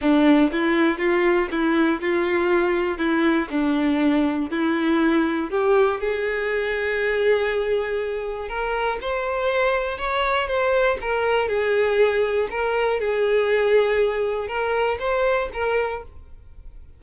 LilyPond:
\new Staff \with { instrumentName = "violin" } { \time 4/4 \tempo 4 = 120 d'4 e'4 f'4 e'4 | f'2 e'4 d'4~ | d'4 e'2 g'4 | gis'1~ |
gis'4 ais'4 c''2 | cis''4 c''4 ais'4 gis'4~ | gis'4 ais'4 gis'2~ | gis'4 ais'4 c''4 ais'4 | }